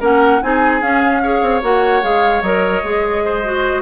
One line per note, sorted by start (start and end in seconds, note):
0.00 0.41 A#3
0.00 0.41 C#4
0.00 0.40 A#4
0.00 0.43 F#5
0.42 0.82 C4
0.42 0.81 D#4
0.42 1.23 G#4
0.42 0.82 G#5
0.81 1.21 C#4
0.81 1.42 C#4
0.81 1.62 F5
1.23 1.62 G#4
1.23 3.24 C#5
1.42 1.62 C4
1.62 2.03 A#3
1.62 2.02 F#4
1.62 2.03 F#5
2.02 2.42 G#3
2.02 2.42 G#4
2.02 2.42 F5
2.42 2.82 F#3
2.42 2.84 A#4
2.42 3.82 D#5
2.84 3.82 G#3
2.84 3.44 G#4
3.25 3.82 C5
3.44 3.82 F#4